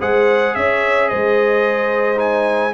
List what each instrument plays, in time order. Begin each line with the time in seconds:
0.00 tuba G#3, trombone G#4, horn C5, trumpet F#5
0.55 tuba C#4, horn C#5, trumpet E5
1.09 tuba G#3, horn C5, trumpet D#5
2.16 trombone D#4, trumpet G#5